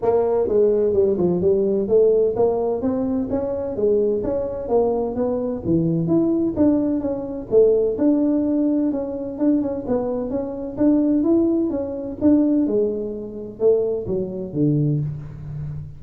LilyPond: \new Staff \with { instrumentName = "tuba" } { \time 4/4 \tempo 4 = 128 ais4 gis4 g8 f8 g4 | a4 ais4 c'4 cis'4 | gis4 cis'4 ais4 b4 | e4 e'4 d'4 cis'4 |
a4 d'2 cis'4 | d'8 cis'8 b4 cis'4 d'4 | e'4 cis'4 d'4 gis4~ | gis4 a4 fis4 d4 | }